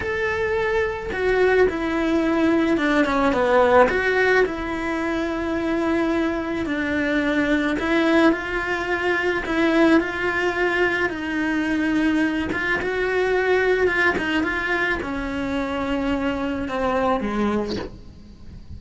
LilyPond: \new Staff \with { instrumentName = "cello" } { \time 4/4 \tempo 4 = 108 a'2 fis'4 e'4~ | e'4 d'8 cis'8 b4 fis'4 | e'1 | d'2 e'4 f'4~ |
f'4 e'4 f'2 | dis'2~ dis'8 f'8 fis'4~ | fis'4 f'8 dis'8 f'4 cis'4~ | cis'2 c'4 gis4 | }